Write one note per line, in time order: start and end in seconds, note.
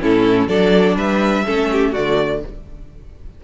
0.00 0.48 A2
0.00 0.48 C#4
0.00 0.48 E4
0.00 0.48 A4
0.48 0.96 F#3
0.48 1.44 D4
0.48 0.96 A4
0.48 0.96 D5
0.96 1.44 G3
0.96 1.45 B4
0.96 1.94 E5
1.46 1.95 A3
1.46 1.94 C#4
1.46 1.70 A4
1.72 1.92 G4
1.92 2.43 D3
1.92 2.44 A3
1.92 2.40 F#4
1.92 2.42 D5